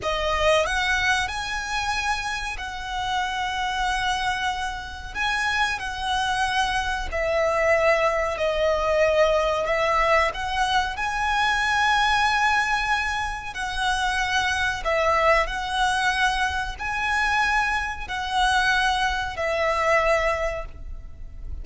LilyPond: \new Staff \with { instrumentName = "violin" } { \time 4/4 \tempo 4 = 93 dis''4 fis''4 gis''2 | fis''1 | gis''4 fis''2 e''4~ | e''4 dis''2 e''4 |
fis''4 gis''2.~ | gis''4 fis''2 e''4 | fis''2 gis''2 | fis''2 e''2 | }